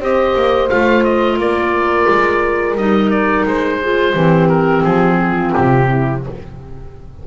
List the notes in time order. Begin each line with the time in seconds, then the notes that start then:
0.00 C4 G4 C5 D#5
0.36 A#3
0.70 A3 F4 F5
1.04 D#5
1.37 A#3 A#4 D5
2.09 G#3
2.75 G3 D#4 D#5
3.10 D5
3.45 G#3 C5
3.81 F4 G#4
4.12 E3 C4 G4
4.49 A#4
4.84 F3 G#4
5.19 F4
5.53 C3 G4
5.89 E4